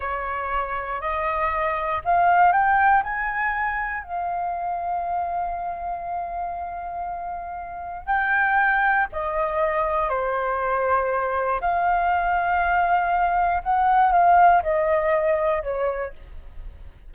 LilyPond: \new Staff \with { instrumentName = "flute" } { \time 4/4 \tempo 4 = 119 cis''2 dis''2 | f''4 g''4 gis''2 | f''1~ | f''1 |
g''2 dis''2 | c''2. f''4~ | f''2. fis''4 | f''4 dis''2 cis''4 | }